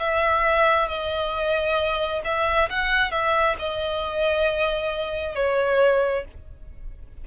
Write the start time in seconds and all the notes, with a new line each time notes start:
0.00 E5
0.88 D#5
2.25 E5
2.70 F#5
3.12 E5
3.59 D#5
5.36 C#5